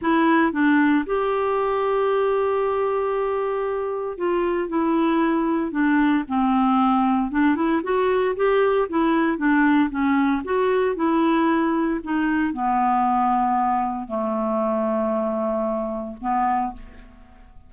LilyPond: \new Staff \with { instrumentName = "clarinet" } { \time 4/4 \tempo 4 = 115 e'4 d'4 g'2~ | g'1 | f'4 e'2 d'4 | c'2 d'8 e'8 fis'4 |
g'4 e'4 d'4 cis'4 | fis'4 e'2 dis'4 | b2. a4~ | a2. b4 | }